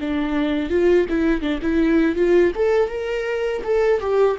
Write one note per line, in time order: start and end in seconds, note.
0.00 0.70 D4
0.70 1.06 F4
1.09 1.41 E4
1.41 1.60 D4
1.62 2.16 E4
2.16 2.52 F4
2.55 2.89 A4
2.89 3.62 A#4
3.64 4.00 A4
4.00 4.37 G4